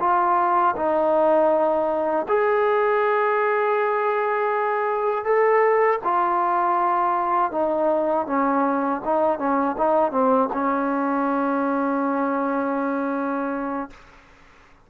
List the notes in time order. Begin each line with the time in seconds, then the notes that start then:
0.00 F4
0.76 D#4
2.28 G#4
5.25 A4
6.04 F4
7.52 D#4
8.27 C#4
9.05 D#4
9.39 C#4
9.78 D#4
10.11 C4
10.53 C#4